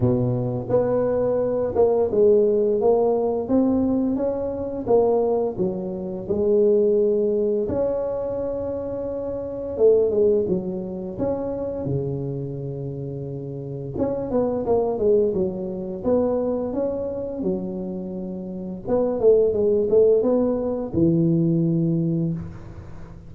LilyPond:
\new Staff \with { instrumentName = "tuba" } { \time 4/4 \tempo 4 = 86 b,4 b4. ais8 gis4 | ais4 c'4 cis'4 ais4 | fis4 gis2 cis'4~ | cis'2 a8 gis8 fis4 |
cis'4 cis2. | cis'8 b8 ais8 gis8 fis4 b4 | cis'4 fis2 b8 a8 | gis8 a8 b4 e2 | }